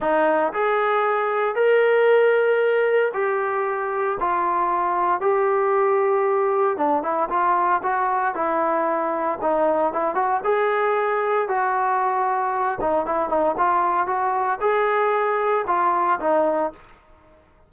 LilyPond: \new Staff \with { instrumentName = "trombone" } { \time 4/4 \tempo 4 = 115 dis'4 gis'2 ais'4~ | ais'2 g'2 | f'2 g'2~ | g'4 d'8 e'8 f'4 fis'4 |
e'2 dis'4 e'8 fis'8 | gis'2 fis'2~ | fis'8 dis'8 e'8 dis'8 f'4 fis'4 | gis'2 f'4 dis'4 | }